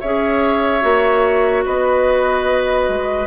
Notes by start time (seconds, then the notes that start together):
0.00 C#4 G#4 C#5 E5
0.80 A#3 F#4
1.65 B3 B4 D#5
2.88 G#3